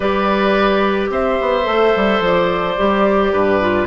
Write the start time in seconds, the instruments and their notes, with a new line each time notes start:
0.00 bassoon G3, clarinet G4, oboe B4, flute D5
1.10 bassoon C4, oboe C5, flute E5
1.41 bassoon B3
1.63 bassoon A3, clarinet A4
1.96 bassoon G3
2.20 bassoon F3, flute D5
2.77 bassoon G3, clarinet G4
3.32 bassoon G2, oboe B4
3.61 clarinet F4